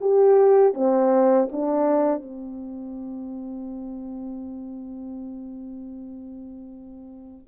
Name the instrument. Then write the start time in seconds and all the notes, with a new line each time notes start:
horn
0.00 G4
0.73 C4
1.51 D4
2.22 C4